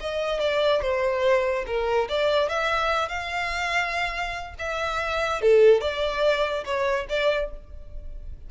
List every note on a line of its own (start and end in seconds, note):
0.00 0.40 D#5
0.40 0.81 D5
0.81 1.65 C5
1.66 2.08 A#4
2.09 2.49 D5
2.49 3.08 E5
3.08 4.54 F5
4.58 5.41 E5
5.41 5.80 A4
5.80 6.64 D5
6.65 7.06 C#5
7.09 7.50 D5